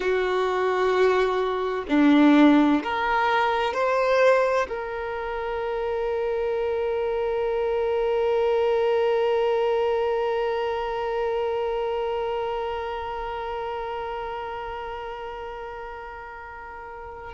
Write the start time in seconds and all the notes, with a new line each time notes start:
0.00 F#4
1.88 D4
2.83 A#4
3.73 C5
4.68 A#4